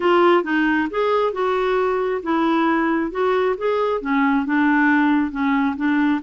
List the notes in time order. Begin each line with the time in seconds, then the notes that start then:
0.00 F4
0.43 D#4
0.90 G#4
1.32 F#4
2.22 E4
3.11 F#4
3.57 G#4
4.01 C#4
4.45 D4
5.31 C#4
5.76 D4